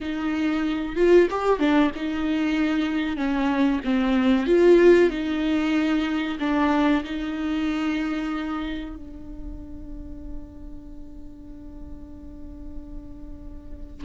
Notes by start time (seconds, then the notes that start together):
0.00 D#4
0.96 F4
1.30 G4
1.59 D4
1.95 D#4
3.16 C#4
3.84 C4
4.46 F4
5.10 D#4
6.39 D4
7.04 D#4
8.95 D4